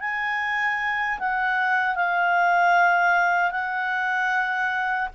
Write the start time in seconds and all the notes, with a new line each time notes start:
0.00 G#5
1.19 F#5
1.95 F5
3.51 F#5